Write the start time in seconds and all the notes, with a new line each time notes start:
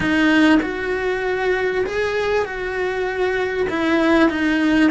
0.00 D#4
0.62 F#4
1.85 G#4
2.45 F#4
3.69 E4
4.29 D#4